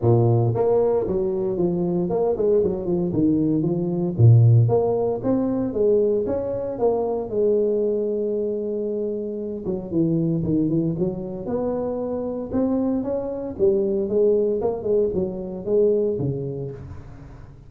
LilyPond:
\new Staff \with { instrumentName = "tuba" } { \time 4/4 \tempo 4 = 115 ais,4 ais4 fis4 f4 | ais8 gis8 fis8 f8 dis4 f4 | ais,4 ais4 c'4 gis4 | cis'4 ais4 gis2~ |
gis2~ gis8 fis8 e4 | dis8 e8 fis4 b2 | c'4 cis'4 g4 gis4 | ais8 gis8 fis4 gis4 cis4 | }